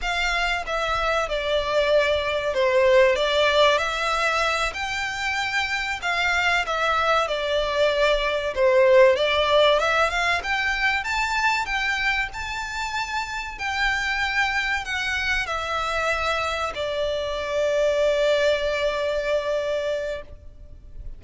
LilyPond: \new Staff \with { instrumentName = "violin" } { \time 4/4 \tempo 4 = 95 f''4 e''4 d''2 | c''4 d''4 e''4. g''8~ | g''4. f''4 e''4 d''8~ | d''4. c''4 d''4 e''8 |
f''8 g''4 a''4 g''4 a''8~ | a''4. g''2 fis''8~ | fis''8 e''2 d''4.~ | d''1 | }